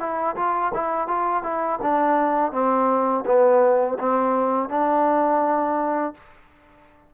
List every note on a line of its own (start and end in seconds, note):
0.00 0.36 E4
0.36 0.73 F4
0.74 1.08 E4
1.08 1.44 F4
1.44 1.80 E4
1.82 2.53 D4
2.53 3.25 C4
3.26 3.99 B3
4.00 4.70 C4
4.70 6.14 D4